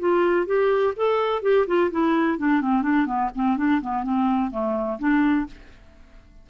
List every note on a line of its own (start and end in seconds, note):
0.00 0.47 F4
0.47 0.94 G4
0.97 1.43 A4
1.43 1.67 G4
1.67 1.91 F4
1.91 2.39 E4
2.39 2.62 D4
2.62 2.83 C4
2.83 3.06 D4
3.06 3.30 B3
3.35 3.57 C4
3.57 3.81 D4
3.82 4.04 B3
4.04 4.52 C4
4.52 4.99 A3
4.99 5.47 D4